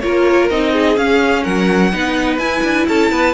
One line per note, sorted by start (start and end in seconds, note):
0.00 0.50 A#3
0.00 0.50 F4
0.00 0.72 A#4
0.00 0.48 C#5
0.50 0.96 C4
0.50 0.95 D#4
0.50 0.96 D#5
0.72 1.43 G#4
0.95 1.91 C#4
0.95 1.44 C#4
0.95 1.44 F5
1.43 1.93 F#3
1.43 1.91 A#4
1.43 2.38 F#5
1.92 2.37 B3
1.92 2.39 D#4
1.92 2.87 B4
2.37 2.61 E4
2.37 3.34 E4
2.37 2.85 G#5
2.63 2.87 D4
2.88 3.11 C#4
2.88 3.11 A4
2.88 3.34 A5
3.11 3.34 B3
3.11 3.34 B4